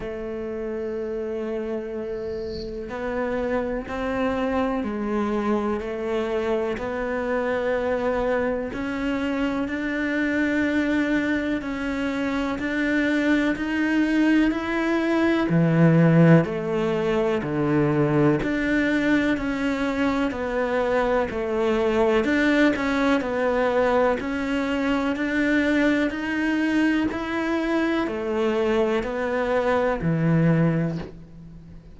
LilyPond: \new Staff \with { instrumentName = "cello" } { \time 4/4 \tempo 4 = 62 a2. b4 | c'4 gis4 a4 b4~ | b4 cis'4 d'2 | cis'4 d'4 dis'4 e'4 |
e4 a4 d4 d'4 | cis'4 b4 a4 d'8 cis'8 | b4 cis'4 d'4 dis'4 | e'4 a4 b4 e4 | }